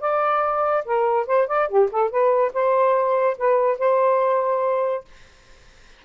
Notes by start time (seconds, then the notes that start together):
0.00 D5
0.85 A#4
1.26 C5
1.47 D5
1.68 G4
1.91 A4
2.10 B4
2.53 C5
3.38 B4
3.78 C5